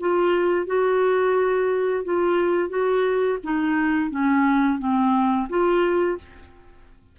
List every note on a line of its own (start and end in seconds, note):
0.00 0.66 F4
0.66 2.04 F#4
2.04 2.69 F4
2.69 3.38 F#4
3.44 4.10 D#4
4.10 4.79 C#4
4.79 5.48 C4
5.49 6.18 F4